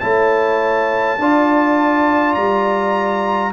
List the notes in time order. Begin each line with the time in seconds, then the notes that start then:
0.00 A3 E4 C#5 A5
1.19 D4 F4 D5
2.35 G3 A#5